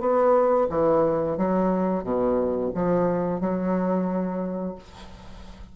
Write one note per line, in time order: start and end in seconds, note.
0.00 0.67 B3
0.70 1.37 E3
1.37 2.04 F#3
2.04 2.71 B2
2.75 3.40 F3
3.40 4.75 F#3